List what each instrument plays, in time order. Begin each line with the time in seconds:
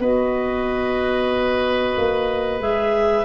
0.00 tuba B3, clarinet F#4 D#5, oboe B4
1.97 tuba A#3
2.60 tuba G#3, clarinet G#4 E5